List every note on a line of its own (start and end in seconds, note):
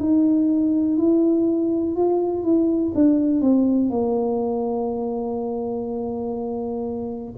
0.00 0.98 D#4
0.98 1.96 E4
1.96 2.44 F4
2.44 2.93 E4
2.95 3.42 D4
3.42 3.90 C4
3.90 7.34 A#3